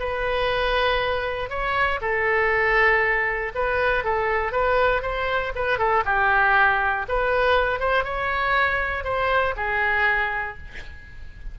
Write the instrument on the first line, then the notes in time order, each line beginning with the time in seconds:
oboe
0.00 B4
1.50 C#5
2.01 A4
3.55 B4
4.04 A4
4.52 B4
5.02 C5
5.56 B4
5.79 A4
6.06 G4
7.09 B4
7.80 C5
8.04 C#5
9.04 C5
9.57 G#4